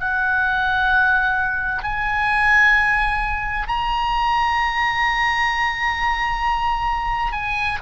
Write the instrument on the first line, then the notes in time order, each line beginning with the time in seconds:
oboe
0.00 F#5
1.83 G#5
3.68 A#5
7.33 G#5